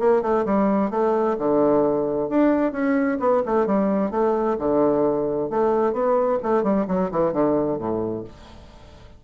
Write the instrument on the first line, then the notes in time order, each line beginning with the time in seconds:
bassoon
0.00 A#3
0.22 A3
0.46 G3
0.91 A3
1.39 D3
2.29 D4
2.73 C#4
3.20 B3
3.46 A3
3.67 G3
4.11 A3
4.59 D3
5.50 A3
5.93 B3
6.43 A3
6.63 G3
6.88 F#3
7.11 E3
7.33 D3
7.79 A2